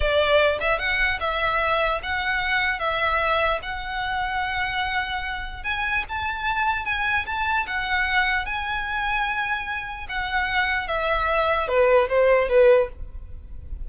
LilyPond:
\new Staff \with { instrumentName = "violin" } { \time 4/4 \tempo 4 = 149 d''4. e''8 fis''4 e''4~ | e''4 fis''2 e''4~ | e''4 fis''2.~ | fis''2 gis''4 a''4~ |
a''4 gis''4 a''4 fis''4~ | fis''4 gis''2.~ | gis''4 fis''2 e''4~ | e''4 b'4 c''4 b'4 | }